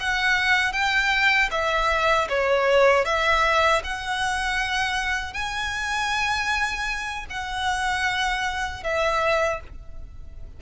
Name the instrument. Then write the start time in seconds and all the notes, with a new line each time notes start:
violin
0.00 F#5
0.73 G5
1.51 E5
2.29 C#5
3.05 E5
3.84 F#5
5.34 G#5
7.30 F#5
8.84 E5